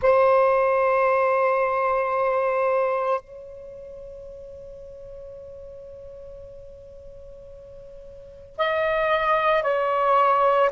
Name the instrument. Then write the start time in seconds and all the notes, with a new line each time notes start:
saxophone
0.02 C5
3.20 C#5
8.57 D#5
9.62 C#5